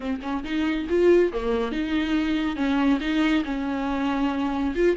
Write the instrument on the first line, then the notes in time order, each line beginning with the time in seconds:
viola
0.00 C4
0.22 C#4
0.44 D#4
0.89 F4
1.33 A#3
1.71 D#4
2.56 C#4
3.00 D#4
3.44 C#4
4.75 F4